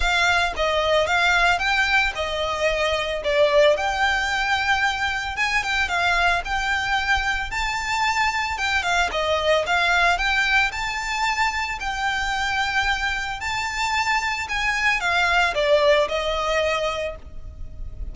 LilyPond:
\new Staff \with { instrumentName = "violin" } { \time 4/4 \tempo 4 = 112 f''4 dis''4 f''4 g''4 | dis''2 d''4 g''4~ | g''2 gis''8 g''8 f''4 | g''2 a''2 |
g''8 f''8 dis''4 f''4 g''4 | a''2 g''2~ | g''4 a''2 gis''4 | f''4 d''4 dis''2 | }